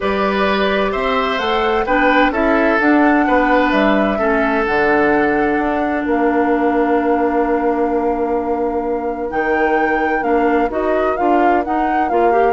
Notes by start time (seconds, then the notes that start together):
0.00 G3 G4 B4 D5
0.91 C4 C5 E5
1.38 A3 A4 F#5
1.85 B3 D4 B4 G5
2.30 C#4 E4 A4 E5
2.79 D4 F#5
3.27 B3 B4
3.71 G3 E5
4.17 A3 C#4 A4
4.65 D3 D4 F#5
5.58 D4
6.04 A#3 A#4 F5
9.30 D#3 D#4 G5
10.21 A#3 D4 F5
10.69 D#4 F#4 D#5
11.16 D4 F4 F5
11.64 D#4 F#5
12.08 A#3 F4 F5
12.31 G4